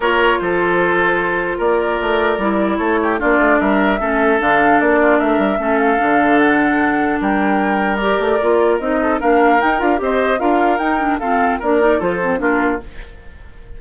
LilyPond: <<
  \new Staff \with { instrumentName = "flute" } { \time 4/4 \tempo 4 = 150 cis''4 c''2. | d''2. cis''4 | d''4 e''2 f''4 | d''4 e''4. f''4. |
fis''2 g''2 | d''2 dis''4 f''4 | g''8 f''8 dis''4 f''4 g''4 | f''4 d''4 c''4 ais'4 | }
  \new Staff \with { instrumentName = "oboe" } { \time 4/4 ais'4 a'2. | ais'2. a'8 g'8 | f'4 ais'4 a'2~ | a'8 f'8 ais'4 a'2~ |
a'2 ais'2~ | ais'2~ ais'8 a'8 ais'4~ | ais'4 c''4 ais'2 | a'4 ais'4 a'4 f'4 | }
  \new Staff \with { instrumentName = "clarinet" } { \time 4/4 f'1~ | f'2 e'2 | d'2 cis'4 d'4~ | d'2 cis'4 d'4~ |
d'1 | g'4 f'4 dis'4 d'4 | dis'8 f'8 g'4 f'4 dis'8 d'8 | c'4 d'8 dis'8 f'8 c'8 d'4 | }
  \new Staff \with { instrumentName = "bassoon" } { \time 4/4 ais4 f2. | ais4 a4 g4 a4 | ais8 a8 g4 a4 d4 | ais4 a8 g8 a4 d4~ |
d2 g2~ | g8 a8 ais4 c'4 ais4 | dis'8 d'8 c'4 d'4 dis'4 | f'4 ais4 f4 ais4 | }
>>